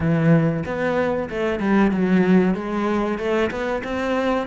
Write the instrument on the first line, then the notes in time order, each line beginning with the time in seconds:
cello
0.00 E3
0.65 B3
1.29 A3
1.59 G3
1.91 F#3
2.54 G#3
3.18 A3
3.50 B3
3.83 C4